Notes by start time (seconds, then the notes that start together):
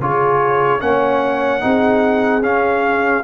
0.00 C#3 F4 G#4 C#5
0.80 A#3 C#4 C#5 F#5
1.61 C4 D#4 G#4
2.42 C#4 F5